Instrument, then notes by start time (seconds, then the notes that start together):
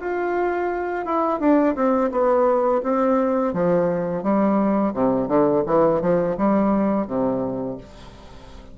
bassoon
0.00 F4
1.06 E4
1.40 D4
1.76 C4
2.11 B3
2.83 C4
3.54 F3
4.23 G3
4.94 C3
5.28 D3
5.66 E3
6.01 F3
6.38 G3
7.07 C3